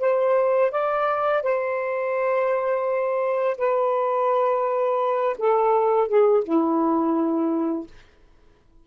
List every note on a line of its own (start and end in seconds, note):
0.00 0.71 C5
0.72 1.43 D5
1.43 3.57 C5
3.58 5.36 B4
5.39 6.08 A4
6.08 6.44 G#4
6.44 7.87 E4